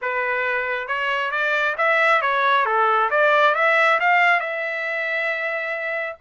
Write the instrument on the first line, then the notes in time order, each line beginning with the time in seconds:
trumpet
0.01 B4
0.87 C#5
1.31 D5
1.77 E5
2.21 C#5
2.65 A4
3.10 D5
3.55 E5
4.00 F5
4.40 E5